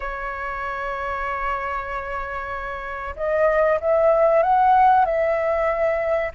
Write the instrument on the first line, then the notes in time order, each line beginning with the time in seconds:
flute
0.00 C#5
3.16 D#5
3.80 E5
4.42 F#5
5.05 E5